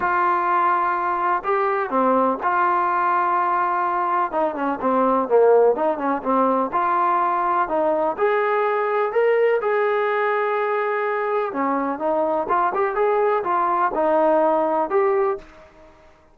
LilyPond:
\new Staff \with { instrumentName = "trombone" } { \time 4/4 \tempo 4 = 125 f'2. g'4 | c'4 f'2.~ | f'4 dis'8 cis'8 c'4 ais4 | dis'8 cis'8 c'4 f'2 |
dis'4 gis'2 ais'4 | gis'1 | cis'4 dis'4 f'8 g'8 gis'4 | f'4 dis'2 g'4 | }